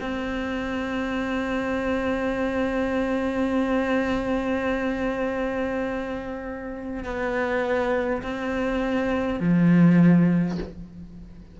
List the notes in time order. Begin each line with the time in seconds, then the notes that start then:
0.00 C4
7.04 B3
8.22 C4
9.40 F3